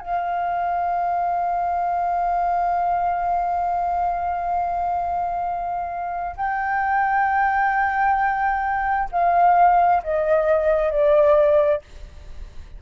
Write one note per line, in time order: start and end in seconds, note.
0.00 6.36 F5
6.37 9.10 G5
9.12 10.02 F5
10.03 10.91 D#5
10.91 11.82 D5